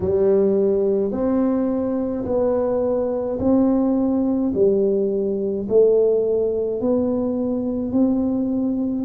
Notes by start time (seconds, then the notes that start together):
0.00 G3
1.11 C4
2.25 B3
3.39 C4
4.54 G3
5.69 A3
6.80 B3
7.91 C4